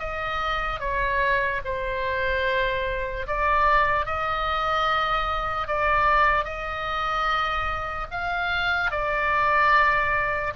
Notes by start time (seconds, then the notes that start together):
0.00 D#5
0.80 C#5
1.65 C5
3.27 D5
4.06 D#5
5.68 D5
6.45 D#5
8.11 F5
8.92 D5